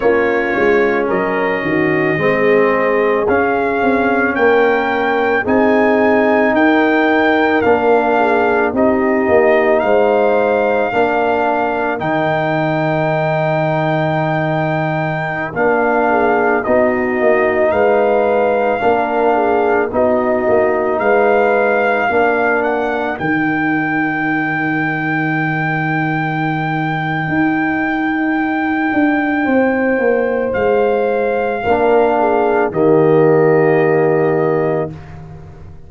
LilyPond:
<<
  \new Staff \with { instrumentName = "trumpet" } { \time 4/4 \tempo 4 = 55 cis''4 dis''2 f''4 | g''4 gis''4 g''4 f''4 | dis''4 f''2 g''4~ | g''2~ g''16 f''4 dis''8.~ |
dis''16 f''2 dis''4 f''8.~ | f''8. fis''8 g''2~ g''8.~ | g''1 | f''2 dis''2 | }
  \new Staff \with { instrumentName = "horn" } { \time 4/4 f'4 ais'8 fis'8 gis'2 | ais'4 gis'4 ais'4. gis'8 | g'4 c''4 ais'2~ | ais'2~ ais'8. gis'8 fis'8.~ |
fis'16 b'4 ais'8 gis'8 fis'4 b'8.~ | b'16 ais'2.~ ais'8.~ | ais'2. c''4~ | c''4 ais'8 gis'8 g'2 | }
  \new Staff \with { instrumentName = "trombone" } { \time 4/4 cis'2 c'4 cis'4~ | cis'4 dis'2 d'4 | dis'2 d'4 dis'4~ | dis'2~ dis'16 d'4 dis'8.~ |
dis'4~ dis'16 d'4 dis'4.~ dis'16~ | dis'16 d'4 dis'2~ dis'8.~ | dis'1~ | dis'4 d'4 ais2 | }
  \new Staff \with { instrumentName = "tuba" } { \time 4/4 ais8 gis8 fis8 dis8 gis4 cis'8 c'8 | ais4 c'4 dis'4 ais4 | c'8 ais8 gis4 ais4 dis4~ | dis2~ dis16 ais4 b8 ais16~ |
ais16 gis4 ais4 b8 ais8 gis8.~ | gis16 ais4 dis2~ dis8.~ | dis4 dis'4. d'8 c'8 ais8 | gis4 ais4 dis2 | }
>>